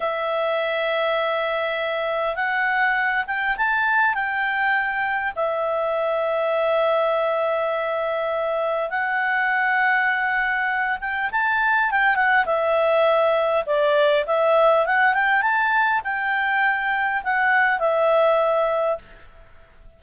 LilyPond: \new Staff \with { instrumentName = "clarinet" } { \time 4/4 \tempo 4 = 101 e''1 | fis''4. g''8 a''4 g''4~ | g''4 e''2.~ | e''2. fis''4~ |
fis''2~ fis''8 g''8 a''4 | g''8 fis''8 e''2 d''4 | e''4 fis''8 g''8 a''4 g''4~ | g''4 fis''4 e''2 | }